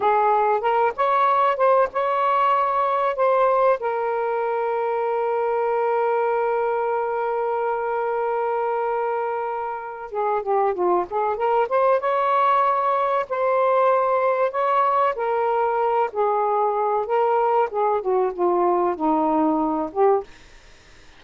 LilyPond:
\new Staff \with { instrumentName = "saxophone" } { \time 4/4 \tempo 4 = 95 gis'4 ais'8 cis''4 c''8 cis''4~ | cis''4 c''4 ais'2~ | ais'1~ | ais'1 |
gis'8 g'8 f'8 gis'8 ais'8 c''8 cis''4~ | cis''4 c''2 cis''4 | ais'4. gis'4. ais'4 | gis'8 fis'8 f'4 dis'4. g'8 | }